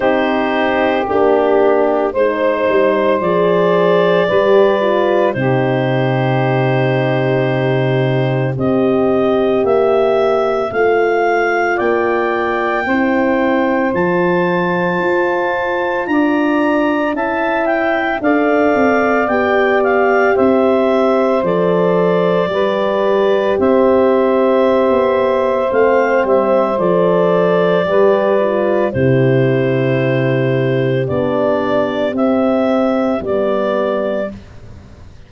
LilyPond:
<<
  \new Staff \with { instrumentName = "clarinet" } { \time 4/4 \tempo 4 = 56 c''4 g'4 c''4 d''4~ | d''4 c''2. | dis''4 e''4 f''4 g''4~ | g''4 a''2 ais''4 |
a''8 g''8 f''4 g''8 f''8 e''4 | d''2 e''2 | f''8 e''8 d''2 c''4~ | c''4 d''4 e''4 d''4 | }
  \new Staff \with { instrumentName = "saxophone" } { \time 4/4 g'2 c''2 | b'4 g'2. | c''2. d''4 | c''2. d''4 |
e''4 d''2 c''4~ | c''4 b'4 c''2~ | c''2 b'4 g'4~ | g'1 | }
  \new Staff \with { instrumentName = "horn" } { \time 4/4 dis'4 d'4 dis'4 gis'4 | g'8 f'8 dis'2. | g'2 f'2 | e'4 f'2. |
e'4 a'4 g'2 | a'4 g'2. | c'4 a'4 g'8 f'8 e'4~ | e'4 d'4 c'4 b4 | }
  \new Staff \with { instrumentName = "tuba" } { \time 4/4 c'4 ais4 gis8 g8 f4 | g4 c2. | c'4 ais4 a4 ais4 | c'4 f4 f'4 d'4 |
cis'4 d'8 c'8 b4 c'4 | f4 g4 c'4~ c'16 b8. | a8 g8 f4 g4 c4~ | c4 b4 c'4 g4 | }
>>